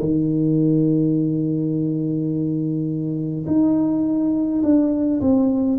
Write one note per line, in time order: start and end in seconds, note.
0.00 3.46 D#3
3.47 4.62 D#4
4.63 5.21 D4
5.21 5.78 C4